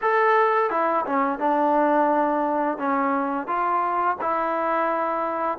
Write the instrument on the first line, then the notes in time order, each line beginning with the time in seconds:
trombone
0.01 A4
0.70 E4
1.06 C#4
1.39 D4
2.78 C#4
3.47 F4
4.21 E4